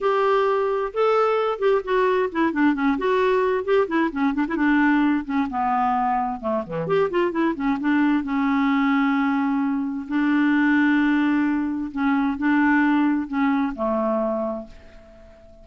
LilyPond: \new Staff \with { instrumentName = "clarinet" } { \time 4/4 \tempo 4 = 131 g'2 a'4. g'8 | fis'4 e'8 d'8 cis'8 fis'4. | g'8 e'8 cis'8 d'16 e'16 d'4. cis'8 | b2 a8 e8 g'8 f'8 |
e'8 cis'8 d'4 cis'2~ | cis'2 d'2~ | d'2 cis'4 d'4~ | d'4 cis'4 a2 | }